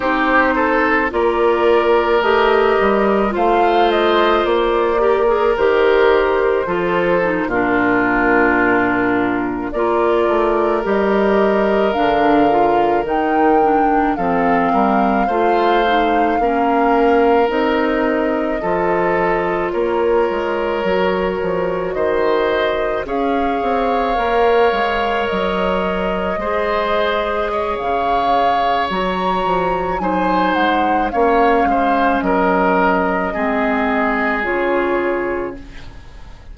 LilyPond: <<
  \new Staff \with { instrumentName = "flute" } { \time 4/4 \tempo 4 = 54 c''4 d''4 dis''4 f''8 dis''8 | d''4 c''4.~ c''16 ais'4~ ais'16~ | ais'8. d''4 dis''4 f''4 g''16~ | g''8. f''2. dis''16~ |
dis''4.~ dis''16 cis''2 dis''16~ | dis''8. f''2 dis''4~ dis''16~ | dis''4 f''4 ais''4 gis''8 fis''8 | f''4 dis''2 cis''4 | }
  \new Staff \with { instrumentName = "oboe" } { \time 4/4 g'8 a'8 ais'2 c''4~ | c''8 ais'4. a'8. f'4~ f'16~ | f'8. ais'2.~ ais'16~ | ais'8. a'8 ais'8 c''4 ais'4~ ais'16~ |
ais'8. a'4 ais'2 c''16~ | c''8. cis''2. c''16~ | c''8. cis''2~ cis''16 c''4 | cis''8 c''8 ais'4 gis'2 | }
  \new Staff \with { instrumentName = "clarinet" } { \time 4/4 dis'4 f'4 g'4 f'4~ | f'8 g'16 gis'16 g'4 f'8 dis'16 d'4~ d'16~ | d'8. f'4 g'4 d'8 f'8 dis'16~ | dis'16 d'8 c'4 f'8 dis'8 cis'4 dis'16~ |
dis'8. f'2 fis'4~ fis'16~ | fis'8. gis'4 ais'2 gis'16~ | gis'2 fis'4 dis'4 | cis'2 c'4 f'4 | }
  \new Staff \with { instrumentName = "bassoon" } { \time 4/4 c'4 ais4 a8 g8 a4 | ais4 dis4 f8. ais,4~ ais,16~ | ais,8. ais8 a8 g4 d4 dis16~ | dis8. f8 g8 a4 ais4 c'16~ |
c'8. f4 ais8 gis8 fis8 f8 dis16~ | dis8. cis'8 c'8 ais8 gis8 fis4 gis16~ | gis4 cis4 fis8 f8 fis8 gis8 | ais8 gis8 fis4 gis4 cis4 | }
>>